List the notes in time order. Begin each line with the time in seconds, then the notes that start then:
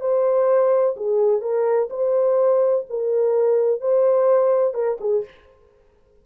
0.00 C5
0.96 G#4
1.41 A#4
1.90 C5
2.89 A#4
3.80 C5
4.74 A#4
5.00 G#4